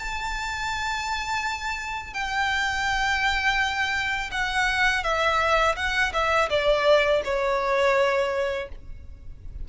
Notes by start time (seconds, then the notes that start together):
0.00 A5
2.14 G5
4.32 F#5
5.04 E5
5.77 F#5
6.13 E5
6.50 D5
7.25 C#5